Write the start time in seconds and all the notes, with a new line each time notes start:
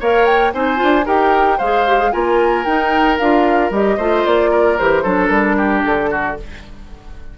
0.00 A#3 A#4 C#5 F5
0.26 G5
0.53 C4 D#4 C5 G#5
0.76 F4
0.83 D4
1.05 D#4 G4 A#4 G5
1.58 G#3 G#4 C5 F5
1.87 G4
1.99 G#4
2.12 A#3 F4 A#4 G#5
2.64 D#4 G5
3.18 D4 F4 F5
3.70 G3 G4 D#5
3.97 A3 F4 C5
4.25 A#3 D5
4.51 A#4
4.78 E3 G4 C5
5.03 F#3 D4 A4
5.26 G3 A#4
5.57 G4
5.84 D3 A4
6.10 F#4